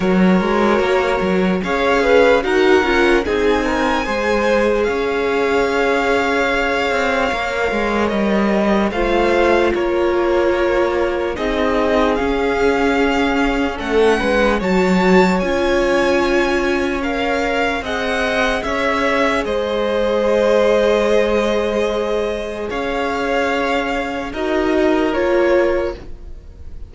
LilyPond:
<<
  \new Staff \with { instrumentName = "violin" } { \time 4/4 \tempo 4 = 74 cis''2 f''4 fis''4 | gis''2 f''2~ | f''2 dis''4 f''4 | cis''2 dis''4 f''4~ |
f''4 fis''4 a''4 gis''4~ | gis''4 f''4 fis''4 e''4 | dis''1 | f''2 dis''4 cis''4 | }
  \new Staff \with { instrumentName = "violin" } { \time 4/4 ais'2 cis''8 b'8 ais'4 | gis'8 ais'8 c''4 cis''2~ | cis''2. c''4 | ais'2 gis'2~ |
gis'4 a'8 b'8 cis''2~ | cis''2 dis''4 cis''4 | c''1 | cis''2 ais'2 | }
  \new Staff \with { instrumentName = "viola" } { \time 4/4 fis'2 gis'4 fis'8 f'8 | dis'4 gis'2.~ | gis'4 ais'2 f'4~ | f'2 dis'4 cis'4~ |
cis'2 fis'4 f'4~ | f'4 ais'4 gis'2~ | gis'1~ | gis'2 fis'4 f'4 | }
  \new Staff \with { instrumentName = "cello" } { \time 4/4 fis8 gis8 ais8 fis8 cis'4 dis'8 cis'8 | c'4 gis4 cis'2~ | cis'8 c'8 ais8 gis8 g4 a4 | ais2 c'4 cis'4~ |
cis'4 a8 gis8 fis4 cis'4~ | cis'2 c'4 cis'4 | gis1 | cis'2 dis'4 ais4 | }
>>